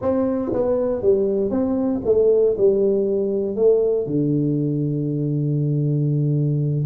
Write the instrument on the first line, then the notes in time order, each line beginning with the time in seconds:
tuba
0.01 C4
0.52 B3
1.02 G3
1.50 C4
2.05 A3
2.57 G3
3.56 A3
4.06 D3